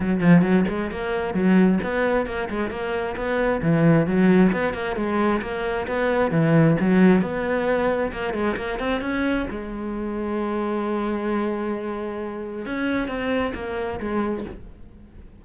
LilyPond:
\new Staff \with { instrumentName = "cello" } { \time 4/4 \tempo 4 = 133 fis8 f8 fis8 gis8 ais4 fis4 | b4 ais8 gis8 ais4 b4 | e4 fis4 b8 ais8 gis4 | ais4 b4 e4 fis4 |
b2 ais8 gis8 ais8 c'8 | cis'4 gis2.~ | gis1 | cis'4 c'4 ais4 gis4 | }